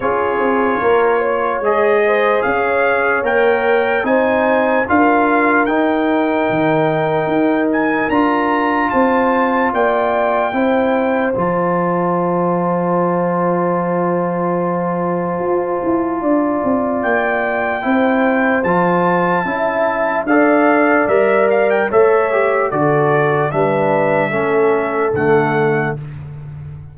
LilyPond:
<<
  \new Staff \with { instrumentName = "trumpet" } { \time 4/4 \tempo 4 = 74 cis''2 dis''4 f''4 | g''4 gis''4 f''4 g''4~ | g''4. gis''8 ais''4 a''4 | g''2 a''2~ |
a''1~ | a''4 g''2 a''4~ | a''4 f''4 e''8 f''16 g''16 e''4 | d''4 e''2 fis''4 | }
  \new Staff \with { instrumentName = "horn" } { \time 4/4 gis'4 ais'8 cis''4 c''8 cis''4~ | cis''4 c''4 ais'2~ | ais'2. c''4 | d''4 c''2.~ |
c''1 | d''2 c''2 | e''4 d''2 cis''4 | a'4 b'4 a'2 | }
  \new Staff \with { instrumentName = "trombone" } { \time 4/4 f'2 gis'2 | ais'4 dis'4 f'4 dis'4~ | dis'2 f'2~ | f'4 e'4 f'2~ |
f'1~ | f'2 e'4 f'4 | e'4 a'4 ais'4 a'8 g'8 | fis'4 d'4 cis'4 a4 | }
  \new Staff \with { instrumentName = "tuba" } { \time 4/4 cis'8 c'8 ais4 gis4 cis'4 | ais4 c'4 d'4 dis'4 | dis4 dis'4 d'4 c'4 | ais4 c'4 f2~ |
f2. f'8 e'8 | d'8 c'8 ais4 c'4 f4 | cis'4 d'4 g4 a4 | d4 g4 a4 d4 | }
>>